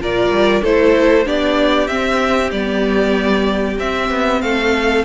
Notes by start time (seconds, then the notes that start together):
0.00 A#2 F4 A#4 D5
0.30 G3
0.62 A3 E4 A4 C5
1.25 B3 D4 G4 D5
1.87 C4 E5
2.51 G3 B3 D5
3.78 C4 E5
4.10 B3
4.41 A3 A4 F5